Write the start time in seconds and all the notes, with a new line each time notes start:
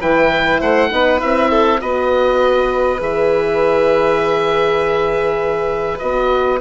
0.00 E3 E4 B4 G5
0.60 A3 C5 F#5
0.89 B3 D#4 B4
1.19 C4 E4 E5
1.51 A4
1.81 B3 F#4 B4 D#5
3.00 E3 G#4 E5
5.99 B3 F#4 D#5